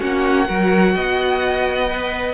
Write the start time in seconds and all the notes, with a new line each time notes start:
0.00 A#3 C#4 F#4 F#5
0.47 F#3 F#4 A#4
0.95 B3 D#5
1.89 B4